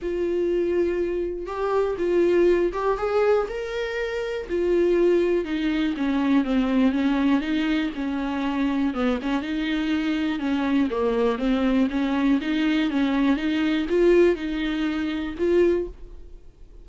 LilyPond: \new Staff \with { instrumentName = "viola" } { \time 4/4 \tempo 4 = 121 f'2. g'4 | f'4. g'8 gis'4 ais'4~ | ais'4 f'2 dis'4 | cis'4 c'4 cis'4 dis'4 |
cis'2 b8 cis'8 dis'4~ | dis'4 cis'4 ais4 c'4 | cis'4 dis'4 cis'4 dis'4 | f'4 dis'2 f'4 | }